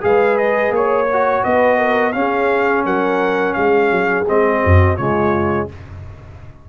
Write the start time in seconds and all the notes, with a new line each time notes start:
0.00 G#3 G#4 B4 F5
0.37 D#5
0.70 A#3 C#5
0.76 C#5
1.12 F#4
1.43 B3 B4 D#5
1.77 A#4
2.12 C#4 G#4 F5
2.85 F#3 A#4 F#5
3.53 G#3 G#4 F5
3.91 F#3
4.27 G#3 C4 D#5
4.64 F#2 F#4
4.96 C#3 G#3 F4 C#5